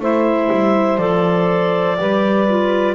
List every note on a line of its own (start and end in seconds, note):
0.00 0.49 A3
0.00 0.99 E4
0.00 1.99 C5
0.00 0.99 E5
0.52 0.98 G3
0.98 1.97 F3
0.98 1.97 A4
0.98 2.95 D5
2.00 2.95 G3
2.00 2.49 G4
2.00 2.95 B4
2.49 2.95 F4